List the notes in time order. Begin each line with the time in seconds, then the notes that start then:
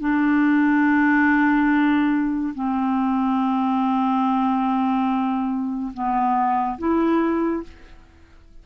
0.00 D4
2.55 C4
5.94 B3
6.79 E4